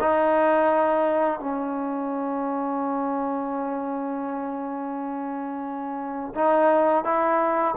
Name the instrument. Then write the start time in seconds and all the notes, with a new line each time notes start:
trombone
0.00 D#4
1.40 C#4
6.35 D#4
7.05 E4